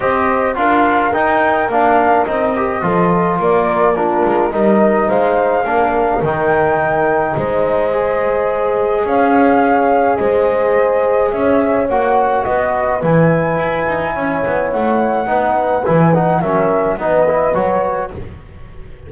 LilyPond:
<<
  \new Staff \with { instrumentName = "flute" } { \time 4/4 \tempo 4 = 106 dis''4 f''4 g''4 f''4 | dis''2 d''4 ais'4 | dis''4 f''2 g''4~ | g''4 dis''2. |
f''2 dis''2 | e''4 fis''4 dis''4 gis''4~ | gis''2 fis''2 | gis''8 fis''8 e''4 dis''4 cis''4 | }
  \new Staff \with { instrumentName = "horn" } { \time 4/4 c''4 ais'2.~ | ais'4 a'4 ais'4 f'4 | ais'4 c''4 ais'2~ | ais'4 c''2. |
cis''2 c''2 | cis''2 b'2~ | b'4 cis''2 b'4~ | b'4 ais'4 b'2 | }
  \new Staff \with { instrumentName = "trombone" } { \time 4/4 g'4 f'4 dis'4 d'4 | dis'8 g'8 f'2 d'4 | dis'2 d'4 dis'4~ | dis'2 gis'2~ |
gis'1~ | gis'4 fis'2 e'4~ | e'2. dis'4 | e'8 dis'8 cis'4 dis'8 e'8 fis'4 | }
  \new Staff \with { instrumentName = "double bass" } { \time 4/4 c'4 d'4 dis'4 ais4 | c'4 f4 ais4. gis8 | g4 gis4 ais4 dis4~ | dis4 gis2. |
cis'2 gis2 | cis'4 ais4 b4 e4 | e'8 dis'8 cis'8 b8 a4 b4 | e4 fis4 b4 fis4 | }
>>